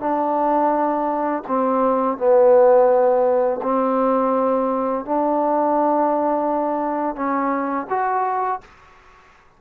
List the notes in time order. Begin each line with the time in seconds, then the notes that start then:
0.00 D4
1.48 C4
2.18 B3
3.63 C4
5.05 D4
7.16 C#4
7.90 F#4